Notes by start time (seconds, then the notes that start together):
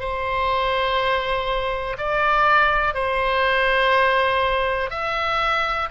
0.00 C5
1.98 D5
2.94 C5
4.90 E5